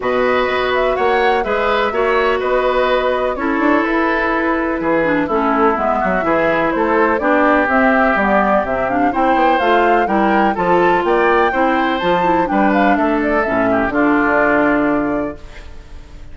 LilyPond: <<
  \new Staff \with { instrumentName = "flute" } { \time 4/4 \tempo 4 = 125 dis''4. e''8 fis''4 e''4~ | e''4 dis''2 cis''4 | b'2. a'4 | e''2 c''4 d''4 |
e''4 d''4 e''8 f''8 g''4 | f''4 g''4 a''4 g''4~ | g''4 a''4 g''8 f''8 e''8 d''8 | e''4 d''2. | }
  \new Staff \with { instrumentName = "oboe" } { \time 4/4 b'2 cis''4 b'4 | cis''4 b'2 a'4~ | a'2 gis'4 e'4~ | e'8 fis'8 gis'4 a'4 g'4~ |
g'2. c''4~ | c''4 ais'4 a'4 d''4 | c''2 b'4 a'4~ | a'8 g'8 f'2. | }
  \new Staff \with { instrumentName = "clarinet" } { \time 4/4 fis'2. gis'4 | fis'2. e'4~ | e'2~ e'8 d'8 cis'4 | b4 e'2 d'4 |
c'4 b4 c'8 d'8 e'4 | f'4 e'4 f'2 | e'4 f'8 e'8 d'2 | cis'4 d'2. | }
  \new Staff \with { instrumentName = "bassoon" } { \time 4/4 b,4 b4 ais4 gis4 | ais4 b2 cis'8 d'8 | e'2 e4 a4 | gis8 fis8 e4 a4 b4 |
c'4 g4 c4 c'8 b8 | a4 g4 f4 ais4 | c'4 f4 g4 a4 | a,4 d2. | }
>>